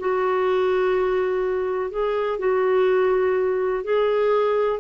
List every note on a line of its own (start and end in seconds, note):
0.00 1.91 F#4
1.91 2.40 G#4
2.40 3.84 F#4
3.84 4.80 G#4